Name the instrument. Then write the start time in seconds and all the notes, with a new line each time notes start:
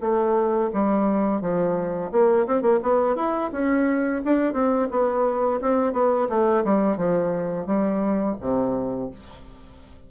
bassoon
0.00 A3
0.73 G3
1.41 F3
2.11 A#3
2.46 C4
2.62 A#3
2.82 B3
3.16 E4
3.52 C#4
4.24 D4
4.53 C4
4.90 B3
5.61 C4
5.93 B3
6.29 A3
6.64 G3
6.96 F3
7.66 G3
8.40 C3